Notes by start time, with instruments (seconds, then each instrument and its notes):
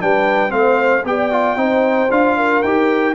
0.00 tuba G3, trombone D4, horn B4, trumpet G5
0.49 tuba A3, trombone C4, horn C5, trumpet F5
1.04 tuba B3, trombone G4, horn D5, trumpet G5
1.31 trombone F4
1.56 tuba C4, trombone D#4, horn C5
2.11 tuba D4, trombone F4, trumpet F5
2.36 horn A#4
2.63 tuba D#4, trombone G4, trumpet G5